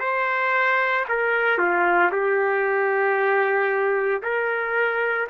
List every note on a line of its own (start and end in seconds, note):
0.00 1.05 C5
1.09 1.58 A#4
1.58 2.11 F4
2.12 4.22 G4
4.23 5.28 A#4